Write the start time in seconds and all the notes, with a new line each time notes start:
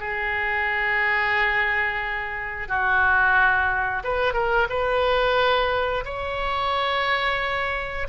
0.00 G#4
2.68 F#4
4.04 B4
4.34 A#4
4.69 B4
6.05 C#5